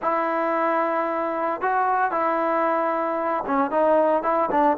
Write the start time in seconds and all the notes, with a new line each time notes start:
0.01 E4
1.61 F#4
2.11 E4
3.46 C#4
3.70 D#4
4.23 E4
4.50 D4